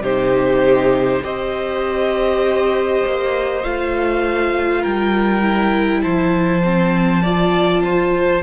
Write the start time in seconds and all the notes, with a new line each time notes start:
0.00 C3 D#4 G4 C5
1.23 C4 G4 C5 D#5
3.06 A#3
3.64 A3 F4 F5
4.81 G3 A#4 G5
5.42 E4
6.02 F3 C5 A5
6.64 C4
7.23 F4 D5
7.84 C5